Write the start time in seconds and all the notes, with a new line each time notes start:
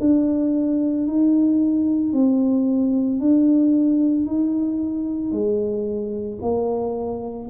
0.00 D4
1.07 D#4
2.13 C4
3.20 D4
4.27 D#4
5.32 G#3
6.42 A#3